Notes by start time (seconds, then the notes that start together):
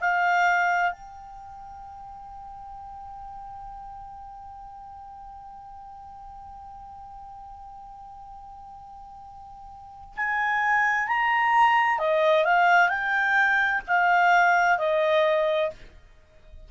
0.00 F5
0.92 G5
10.16 G#5
11.07 A#5
11.98 D#5
12.44 F5
12.89 G5
13.87 F5
14.78 D#5